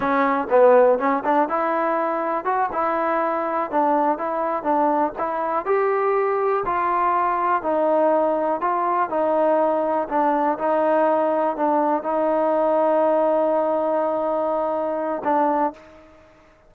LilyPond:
\new Staff \with { instrumentName = "trombone" } { \time 4/4 \tempo 4 = 122 cis'4 b4 cis'8 d'8 e'4~ | e'4 fis'8 e'2 d'8~ | d'8 e'4 d'4 e'4 g'8~ | g'4. f'2 dis'8~ |
dis'4. f'4 dis'4.~ | dis'8 d'4 dis'2 d'8~ | d'8 dis'2.~ dis'8~ | dis'2. d'4 | }